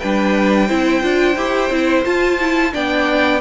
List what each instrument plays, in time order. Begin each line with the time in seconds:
0.00 cello G3, viola D4, violin B4 G5
0.68 cello C4, viola E4, violin C5
1.02 cello D4, viola F4
1.36 cello E4, viola G4
1.70 cello C4, viola E4
2.05 viola F4, cello F4, violin A5
2.40 viola E4
2.72 cello B3, viola D4, violin D5 G5